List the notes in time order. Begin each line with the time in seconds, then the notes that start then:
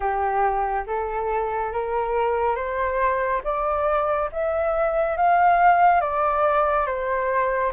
0.00 G4
0.86 A4
1.72 A#4
2.55 C5
3.44 D5
4.31 E5
5.16 F5
6.00 D5
6.86 C5